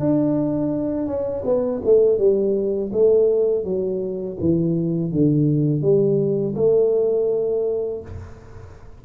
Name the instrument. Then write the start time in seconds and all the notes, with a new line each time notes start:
tuba
0.00 D4
1.07 C#4
1.45 B3
1.85 A3
2.18 G3
2.93 A3
3.64 F#3
4.40 E3
5.12 D3
5.82 G3
6.56 A3